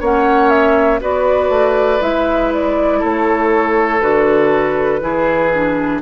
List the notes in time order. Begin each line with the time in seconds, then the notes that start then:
0.00 A#3 C#4 C#5 F#5
0.49 E5
1.01 B3 F#4 B4 D5
1.49 A3
2.00 G#3 E4 E5
2.53 D5
3.00 A3 A4 C#5
4.01 D3 F#4 B4
5.00 E3 E4 G#4
5.53 D4